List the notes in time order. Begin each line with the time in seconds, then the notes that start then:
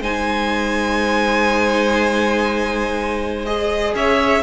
0.00 G#3 D#4 C5 G#5
3.45 G#4 D#5
3.94 C#4 C#5 E5